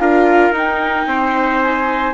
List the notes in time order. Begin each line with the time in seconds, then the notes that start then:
0.00 D4 F4 A#4 F5
0.51 D#4
0.58 G5
1.07 C4 C5
1.61 G#5